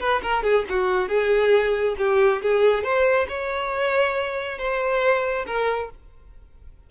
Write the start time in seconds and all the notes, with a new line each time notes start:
0.00 B4
0.23 A#4
0.43 G#4
0.70 F#4
1.09 G#4
1.98 G4
2.42 G#4
2.84 C5
3.29 C#5
4.58 C5
5.47 A#4